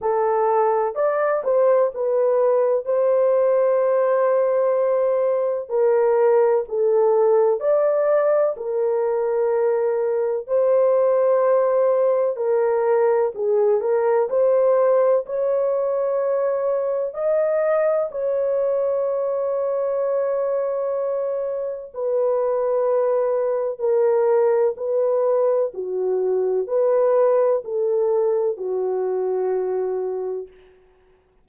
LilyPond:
\new Staff \with { instrumentName = "horn" } { \time 4/4 \tempo 4 = 63 a'4 d''8 c''8 b'4 c''4~ | c''2 ais'4 a'4 | d''4 ais'2 c''4~ | c''4 ais'4 gis'8 ais'8 c''4 |
cis''2 dis''4 cis''4~ | cis''2. b'4~ | b'4 ais'4 b'4 fis'4 | b'4 a'4 fis'2 | }